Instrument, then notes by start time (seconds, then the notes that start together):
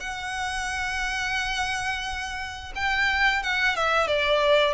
violin
0.00 F#5
2.75 G5
3.42 F#5
3.76 E5
4.07 D5